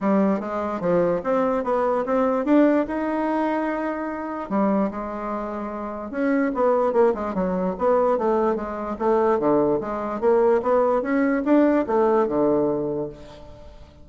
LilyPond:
\new Staff \with { instrumentName = "bassoon" } { \time 4/4 \tempo 4 = 147 g4 gis4 f4 c'4 | b4 c'4 d'4 dis'4~ | dis'2. g4 | gis2. cis'4 |
b4 ais8 gis8 fis4 b4 | a4 gis4 a4 d4 | gis4 ais4 b4 cis'4 | d'4 a4 d2 | }